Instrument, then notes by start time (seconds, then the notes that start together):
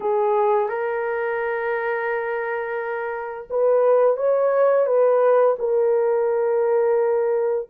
horn
0.00 G#4
0.68 A#4
3.49 B4
4.17 C#5
4.86 B4
5.58 A#4